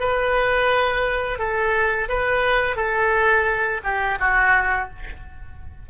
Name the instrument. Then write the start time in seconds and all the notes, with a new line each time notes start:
oboe
0.00 B4
1.39 A4
2.09 B4
2.77 A4
3.84 G4
4.20 F#4